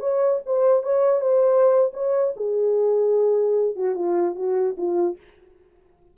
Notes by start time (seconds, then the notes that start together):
0.00 C#5
0.46 C5
0.83 C#5
1.21 C5
1.93 C#5
2.36 G#4
3.76 F#4
3.95 F4
4.35 F#4
4.77 F4